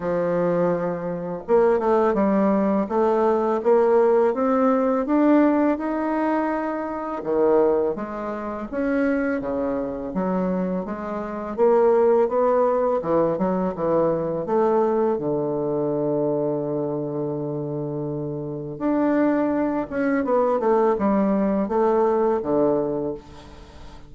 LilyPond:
\new Staff \with { instrumentName = "bassoon" } { \time 4/4 \tempo 4 = 83 f2 ais8 a8 g4 | a4 ais4 c'4 d'4 | dis'2 dis4 gis4 | cis'4 cis4 fis4 gis4 |
ais4 b4 e8 fis8 e4 | a4 d2.~ | d2 d'4. cis'8 | b8 a8 g4 a4 d4 | }